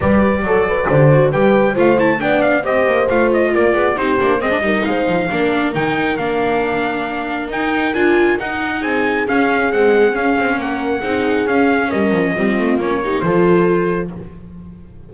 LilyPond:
<<
  \new Staff \with { instrumentName = "trumpet" } { \time 4/4 \tempo 4 = 136 d''2. g''4 | f''8 a''8 g''8 f''8 dis''4 f''8 dis''8 | d''4 c''4 dis''4 f''4~ | f''4 g''4 f''2~ |
f''4 g''4 gis''4 fis''4 | gis''4 f''4 fis''4 f''4 | fis''2 f''4 dis''4~ | dis''4 cis''4 c''2 | }
  \new Staff \with { instrumentName = "horn" } { \time 4/4 b'4 a'8 b'8 c''4 b'4 | c''4 d''4 c''2 | ais'8 gis'8 g'4 c''8 ais'8 c''4 | ais'1~ |
ais'1 | gis'1 | ais'4 gis'2 ais'4 | f'4. g'8 a'2 | }
  \new Staff \with { instrumentName = "viola" } { \time 4/4 g'4 a'4 g'8 fis'8 g'4 | f'8 e'8 d'4 g'4 f'4~ | f'4 dis'8 d'8 c'16 d'16 dis'4. | d'4 dis'4 d'2~ |
d'4 dis'4 f'4 dis'4~ | dis'4 cis'4 gis4 cis'4~ | cis'4 dis'4 cis'2 | c'4 cis'8 dis'8 f'2 | }
  \new Staff \with { instrumentName = "double bass" } { \time 4/4 g4 fis4 d4 g4 | a4 b4 c'8 ais8 a4 | ais8 b8 c'8 ais8 gis8 g8 gis8 f8 | ais4 dis4 ais2~ |
ais4 dis'4 d'4 dis'4 | c'4 cis'4 c'4 cis'8 c'8 | ais4 c'4 cis'4 g8 f8 | g8 a8 ais4 f2 | }
>>